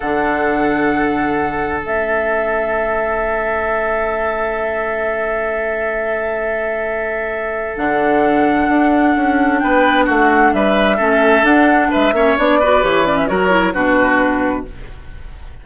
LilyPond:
<<
  \new Staff \with { instrumentName = "flute" } { \time 4/4 \tempo 4 = 131 fis''1 | e''1~ | e''1~ | e''1~ |
e''4 fis''2.~ | fis''4 g''4 fis''4 e''4~ | e''4 fis''4 e''4 d''4 | cis''8 d''16 e''16 cis''4 b'2 | }
  \new Staff \with { instrumentName = "oboe" } { \time 4/4 a'1~ | a'1~ | a'1~ | a'1~ |
a'1~ | a'4 b'4 fis'4 b'4 | a'2 b'8 cis''4 b'8~ | b'4 ais'4 fis'2 | }
  \new Staff \with { instrumentName = "clarinet" } { \time 4/4 d'1 | cis'1~ | cis'1~ | cis'1~ |
cis'4 d'2.~ | d'1 | cis'4 d'4. cis'8 d'8 fis'8 | g'8 cis'8 fis'8 e'8 d'2 | }
  \new Staff \with { instrumentName = "bassoon" } { \time 4/4 d1 | a1~ | a1~ | a1~ |
a4 d2 d'4 | cis'4 b4 a4 g4 | a4 d'4 gis8 ais8 b4 | e4 fis4 b,2 | }
>>